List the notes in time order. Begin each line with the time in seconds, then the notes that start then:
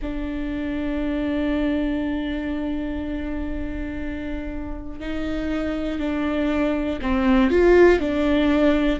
0.01 D4
5.00 D#4
5.99 D4
7.01 C4
7.50 F4
8.00 D4